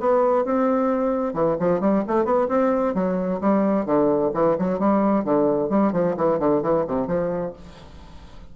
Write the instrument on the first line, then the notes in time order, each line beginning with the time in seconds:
bassoon
0.00 B3
0.45 C4
1.33 E3
1.59 F3
1.80 G3
2.08 A3
2.25 B3
2.48 C4
2.95 F#3
3.41 G3
3.85 D3
4.34 E3
4.58 F#3
4.79 G3
5.24 D3
5.70 G3
5.93 F3
6.17 E3
6.39 D3
6.62 E3
6.87 C3
7.07 F3